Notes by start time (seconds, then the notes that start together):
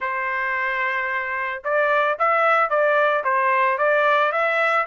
0.00 C5
1.64 D5
2.18 E5
2.69 D5
3.24 C5
3.77 D5
4.32 E5